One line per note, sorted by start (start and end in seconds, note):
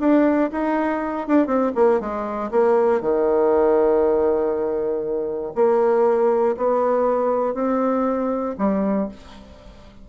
0.00 0.50 D4
0.52 1.27 D#4
1.27 1.46 D4
1.46 1.72 C4
1.75 2.00 A#3
2.00 2.50 G#3
2.51 3.01 A#3
3.01 5.53 D#3
5.55 6.56 A#3
6.57 7.54 B3
7.54 8.55 C4
8.58 9.08 G3